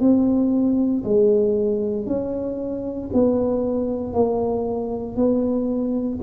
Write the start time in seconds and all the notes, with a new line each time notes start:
0.00 C4
1.04 G#3
2.07 C#4
3.13 B3
4.13 A#3
5.16 B3